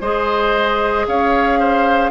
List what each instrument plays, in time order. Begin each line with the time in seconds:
0.00 bassoon G#3, clarinet G#4, oboe C5, flute D#5
1.07 bassoon C#4, oboe C#5, flute F5
1.59 oboe C5